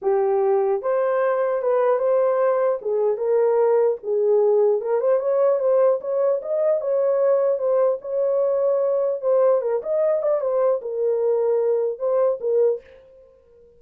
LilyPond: \new Staff \with { instrumentName = "horn" } { \time 4/4 \tempo 4 = 150 g'2 c''2 | b'4 c''2 gis'4 | ais'2 gis'2 | ais'8 c''8 cis''4 c''4 cis''4 |
dis''4 cis''2 c''4 | cis''2. c''4 | ais'8 dis''4 d''8 c''4 ais'4~ | ais'2 c''4 ais'4 | }